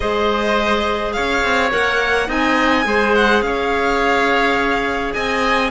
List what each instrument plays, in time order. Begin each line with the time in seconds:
0.00 cello G#3, clarinet G#4, oboe C5, violin D#5
1.12 cello C#4, oboe C#5, violin F5
1.43 cello C4
1.71 cello A#3, clarinet A#4, violin F#5
2.27 cello C4, clarinet D#4, oboe D#5, violin G#5
2.83 cello G#3, clarinet G#4, oboe C5
3.14 violin F#5
3.41 cello C#4, oboe C#5, violin F5
5.13 cello C4, oboe D#5, violin G#5